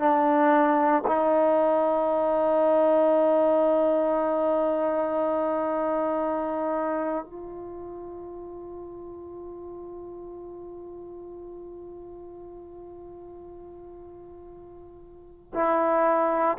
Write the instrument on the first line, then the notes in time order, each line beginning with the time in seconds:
trombone
0.00 D4
1.08 D#4
7.26 F4
15.55 E4